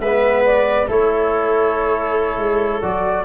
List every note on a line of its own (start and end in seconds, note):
0.00 0.86 G#3
0.00 0.88 B3
0.00 0.88 B4
0.00 0.43 E5
0.46 0.89 D5
0.88 2.38 A3
0.88 2.83 E4
0.88 3.25 A4
0.88 2.82 C#5
2.38 2.81 G#3
2.82 3.25 F#3
2.82 3.25 F#4
2.82 3.25 D5